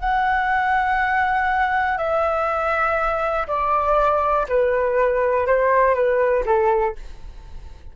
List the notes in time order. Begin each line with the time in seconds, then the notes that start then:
0.00 F#5
1.98 E5
3.48 D5
4.49 B4
5.47 C5
5.95 B4
6.46 A4